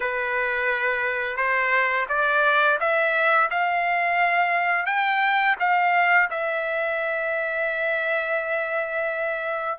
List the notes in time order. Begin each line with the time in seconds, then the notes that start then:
0.00 B4
1.36 C5
2.09 D5
2.79 E5
3.50 F5
4.86 G5
5.59 F5
6.30 E5